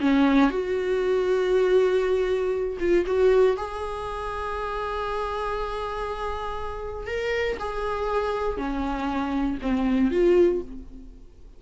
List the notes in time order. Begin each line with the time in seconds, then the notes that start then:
0.00 C#4
0.50 F#4
2.79 F4
3.06 F#4
3.56 G#4
7.07 A#4
7.59 G#4
8.57 C#4
9.61 C4
10.10 F4